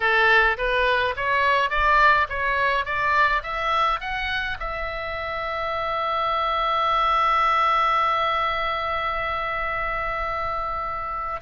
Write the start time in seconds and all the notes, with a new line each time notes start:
0.00 A4
0.57 B4
1.16 C#5
1.70 D5
2.29 C#5
2.85 D5
3.42 E5
4.00 F#5
4.59 E5